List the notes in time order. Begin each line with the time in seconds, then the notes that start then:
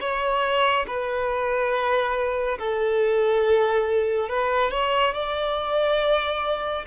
0.00 C#5
0.86 B4
2.58 A4
4.29 B4
4.71 C#5
5.14 D5